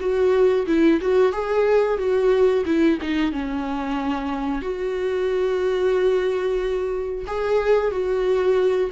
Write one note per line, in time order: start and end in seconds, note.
0.00 0.66 F#4
0.67 1.00 E4
1.01 1.32 F#4
1.32 1.98 G#4
1.98 2.64 F#4
2.66 2.99 E4
3.01 3.32 D#4
3.32 4.62 C#4
4.62 7.25 F#4
7.27 7.91 G#4
7.91 8.90 F#4